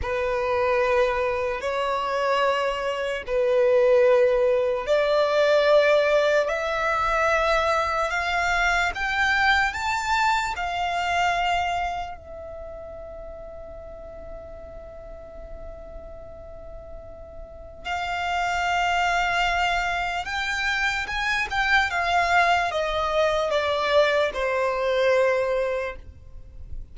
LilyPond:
\new Staff \with { instrumentName = "violin" } { \time 4/4 \tempo 4 = 74 b'2 cis''2 | b'2 d''2 | e''2 f''4 g''4 | a''4 f''2 e''4~ |
e''1~ | e''2 f''2~ | f''4 g''4 gis''8 g''8 f''4 | dis''4 d''4 c''2 | }